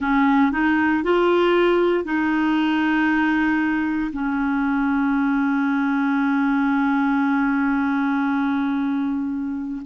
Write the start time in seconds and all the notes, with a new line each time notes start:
0.00 C#4
0.51 D#4
1.03 F4
2.04 D#4
4.12 C#4